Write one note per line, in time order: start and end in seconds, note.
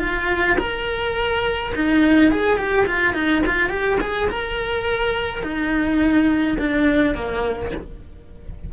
0.00 0.57 F4
0.59 1.73 A#4
1.76 2.32 D#4
2.32 2.57 G#4
2.57 2.86 G4
2.87 3.14 F4
3.14 3.43 D#4
3.46 3.70 F4
3.70 3.98 G4
4.01 4.30 G#4
4.30 5.44 A#4
5.44 6.58 D#4
6.59 7.15 D4
7.15 7.72 A#3